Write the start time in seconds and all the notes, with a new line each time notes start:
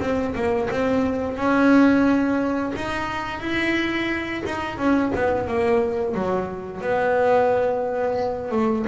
0.00 C4
0.35 A#3
0.70 C4
1.36 C#4
2.75 D#4
3.40 E4
4.45 D#4
4.77 C#4
5.15 B3
5.47 A#3
6.14 F#3
6.81 B3
8.51 A3